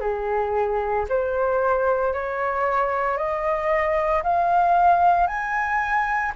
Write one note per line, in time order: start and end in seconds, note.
0.00 1.05 G#4
1.09 2.13 C5
2.13 3.17 C#5
3.17 4.22 D#5
4.23 5.27 F5
5.27 6.32 G#5